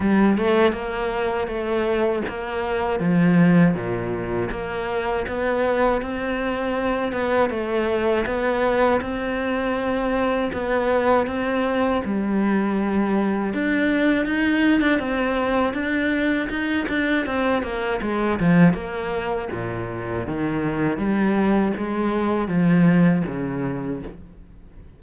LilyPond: \new Staff \with { instrumentName = "cello" } { \time 4/4 \tempo 4 = 80 g8 a8 ais4 a4 ais4 | f4 ais,4 ais4 b4 | c'4. b8 a4 b4 | c'2 b4 c'4 |
g2 d'4 dis'8. d'16 | c'4 d'4 dis'8 d'8 c'8 ais8 | gis8 f8 ais4 ais,4 dis4 | g4 gis4 f4 cis4 | }